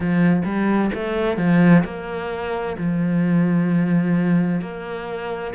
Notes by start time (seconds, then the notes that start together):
0.00 F3
0.44 G3
0.94 A3
1.37 F3
1.84 A#3
2.77 F3
4.61 A#3